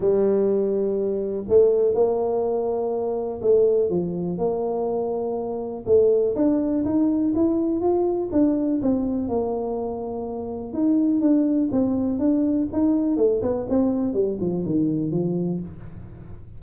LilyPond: \new Staff \with { instrumentName = "tuba" } { \time 4/4 \tempo 4 = 123 g2. a4 | ais2. a4 | f4 ais2. | a4 d'4 dis'4 e'4 |
f'4 d'4 c'4 ais4~ | ais2 dis'4 d'4 | c'4 d'4 dis'4 a8 b8 | c'4 g8 f8 dis4 f4 | }